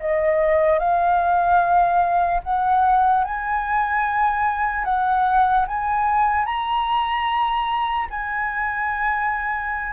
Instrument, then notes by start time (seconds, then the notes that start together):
flute
0.00 D#5
0.80 F5
2.44 F#5
3.25 G#5
4.85 F#5
5.68 G#5
6.46 A#5
8.11 G#5